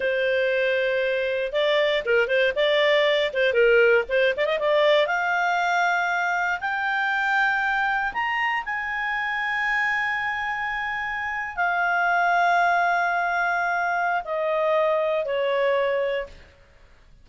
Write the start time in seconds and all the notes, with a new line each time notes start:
0.00 C5
1.52 D5
2.05 A#4
2.27 C5
2.55 D5
3.33 C5
3.53 A#4
4.08 C5
4.36 D5
4.45 D#5
4.59 D5
5.07 F5
6.60 G5
8.13 A#5
8.65 G#5
11.55 F5
14.24 D#5
15.25 C#5